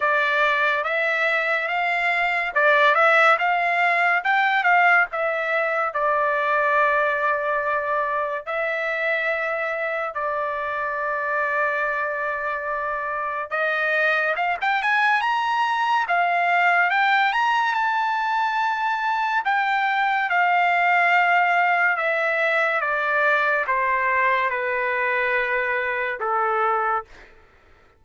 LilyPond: \new Staff \with { instrumentName = "trumpet" } { \time 4/4 \tempo 4 = 71 d''4 e''4 f''4 d''8 e''8 | f''4 g''8 f''8 e''4 d''4~ | d''2 e''2 | d''1 |
dis''4 f''16 g''16 gis''8 ais''4 f''4 | g''8 ais''8 a''2 g''4 | f''2 e''4 d''4 | c''4 b'2 a'4 | }